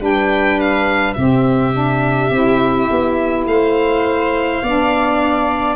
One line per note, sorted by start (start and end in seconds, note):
0.00 1.16 G3
0.00 1.15 D4
0.00 1.16 B4
0.00 0.61 G5
0.61 1.14 F5
1.14 2.31 C3
1.14 1.73 C4
1.14 3.49 G4
1.14 3.45 E5
1.73 2.31 D4
2.31 2.89 C4
2.31 4.63 E4
2.91 3.46 B3
3.46 4.62 A3
3.46 4.64 C5
3.46 5.76 F5
4.63 5.76 B3
4.63 5.76 D4
4.63 5.76 D5